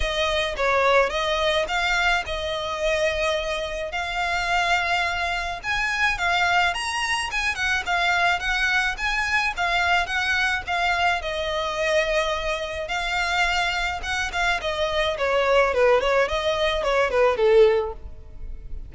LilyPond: \new Staff \with { instrumentName = "violin" } { \time 4/4 \tempo 4 = 107 dis''4 cis''4 dis''4 f''4 | dis''2. f''4~ | f''2 gis''4 f''4 | ais''4 gis''8 fis''8 f''4 fis''4 |
gis''4 f''4 fis''4 f''4 | dis''2. f''4~ | f''4 fis''8 f''8 dis''4 cis''4 | b'8 cis''8 dis''4 cis''8 b'8 a'4 | }